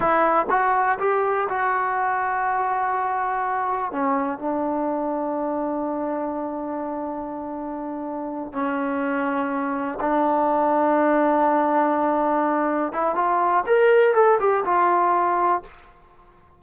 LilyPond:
\new Staff \with { instrumentName = "trombone" } { \time 4/4 \tempo 4 = 123 e'4 fis'4 g'4 fis'4~ | fis'1 | cis'4 d'2.~ | d'1~ |
d'4. cis'2~ cis'8~ | cis'8 d'2.~ d'8~ | d'2~ d'8 e'8 f'4 | ais'4 a'8 g'8 f'2 | }